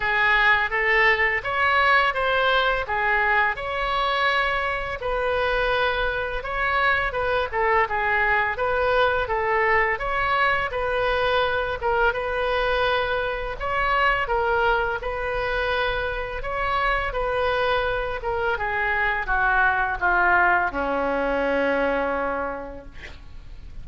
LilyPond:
\new Staff \with { instrumentName = "oboe" } { \time 4/4 \tempo 4 = 84 gis'4 a'4 cis''4 c''4 | gis'4 cis''2 b'4~ | b'4 cis''4 b'8 a'8 gis'4 | b'4 a'4 cis''4 b'4~ |
b'8 ais'8 b'2 cis''4 | ais'4 b'2 cis''4 | b'4. ais'8 gis'4 fis'4 | f'4 cis'2. | }